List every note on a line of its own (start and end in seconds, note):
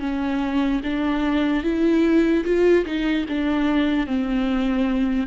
0.00 0.81 C#4
0.84 1.64 D4
1.64 2.45 E4
2.45 2.85 F4
2.86 3.26 D#4
3.29 4.07 D4
4.07 5.27 C4